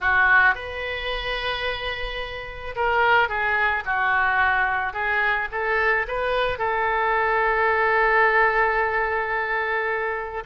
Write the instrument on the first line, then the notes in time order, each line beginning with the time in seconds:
oboe
0.00 F#4
0.55 B4
2.75 A#4
3.28 G#4
3.85 F#4
4.93 G#4
5.51 A4
6.07 B4
6.58 A4